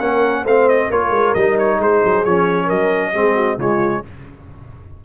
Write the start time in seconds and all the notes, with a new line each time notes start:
0.00 A#3 C#4 A#4 F#5
0.43 A3 C4 C5 F5
0.69 D#5
0.90 A#3 F4 A#4 C#5
1.10 G#3
1.35 G3 D#4 D#5
1.59 C#5
1.79 G#3 G#4 C5
2.05 F#3
2.25 F3 C#4 C#5
2.66 F#3 A#4 D#5
3.14 G#3 C4 G#4
3.35 F#4
3.58 C#3 G#3 F4 C#5